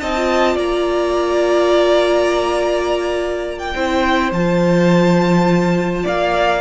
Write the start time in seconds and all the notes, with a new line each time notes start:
0.00 C4 D#4 D#5 A5
0.16 F4
0.54 A#3 D5 A#5
3.59 G5
3.75 C4 E4 C5
4.31 F3 F4 A5
6.03 A#3 D5 F5